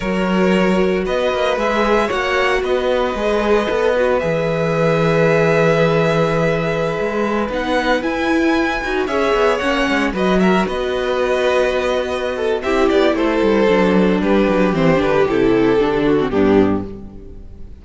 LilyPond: <<
  \new Staff \with { instrumentName = "violin" } { \time 4/4 \tempo 4 = 114 cis''2 dis''4 e''4 | fis''4 dis''2. | e''1~ | e''2~ e''16 fis''4 gis''8.~ |
gis''4~ gis''16 e''4 fis''4 dis''8 e''16~ | e''16 dis''2.~ dis''8. | e''8 d''8 c''2 b'4 | c''8 b'8 a'2 g'4 | }
  \new Staff \with { instrumentName = "violin" } { \time 4/4 ais'2 b'2 | cis''4 b'2.~ | b'1~ | b'1~ |
b'4~ b'16 cis''2 b'8 ais'16~ | ais'16 b'2.~ b'16 a'8 | g'4 a'2 g'4~ | g'2~ g'8 fis'8 d'4 | }
  \new Staff \with { instrumentName = "viola" } { \time 4/4 fis'2. gis'4 | fis'2 gis'4 a'8 fis'8 | gis'1~ | gis'2~ gis'16 dis'4 e'8.~ |
e'8. fis'8 gis'4 cis'4 fis'8.~ | fis'1 | e'2 d'2 | c'8 d'8 e'4 d'8. c'16 b4 | }
  \new Staff \with { instrumentName = "cello" } { \time 4/4 fis2 b8 ais8 gis4 | ais4 b4 gis4 b4 | e1~ | e4~ e16 gis4 b4 e'8.~ |
e'8. dis'8 cis'8 b8 ais8 gis8 fis8.~ | fis16 b2.~ b8. | c'8 b8 a8 g8 fis4 g8 fis8 | e8 d8 c4 d4 g,4 | }
>>